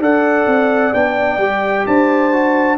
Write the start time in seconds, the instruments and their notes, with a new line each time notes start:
0.00 tuba D4, trombone A4, horn D5, trumpet F#5
0.47 tuba C4
0.94 tuba B3, trombone D4, trumpet G5
1.38 tuba G3, trombone G4
1.87 tuba D4, horn C5, trumpet A5
2.32 trombone F#4